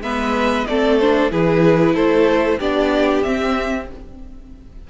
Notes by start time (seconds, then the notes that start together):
0.00 G#3 B3 B4 E5
0.66 A3 C4 A4 D5
0.99 D4 C5
1.30 E3 E4 G#4 B4
1.94 A3 A4 C5
2.58 B3 D4 G4 D5
3.22 C4 E5